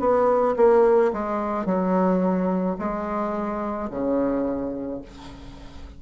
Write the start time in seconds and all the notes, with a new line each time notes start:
0.00 B3
0.57 A#3
1.13 G#3
1.66 F#3
2.79 G#3
3.91 C#3